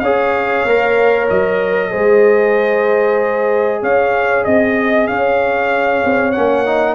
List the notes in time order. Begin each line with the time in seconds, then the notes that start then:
0.00 C#4 G#4 C#5 F5
0.66 A#3 A#4
1.30 F#3 D#5
1.91 G#3 G#4 C5
3.82 C#4 C#5 F5
4.44 C4 D#5
5.07 C#4 C#5 F5
6.05 C4
6.32 A#3 C#4 F#5
6.66 D#4